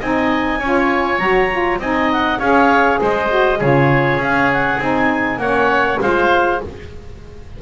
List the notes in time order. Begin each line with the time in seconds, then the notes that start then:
0.00 C4 D#4 D#5 G#5
0.59 C#4 F4 C#5
1.19 F#3 F#4 A#5
1.51 F4
1.79 C4 D#4 D#5 G#5
2.12 F#5
2.39 C#4 G#4 C#5 F5
3.01 G#3 C5 D#5
3.29 F#4
3.59 C#3 F4 G#4 C#5
4.18 C#4 F5
4.53 F#5
4.79 C4 D#4 G#5
5.38 A#3 C#4 C#5 F#5
6.01 G#3 F4 C5 F5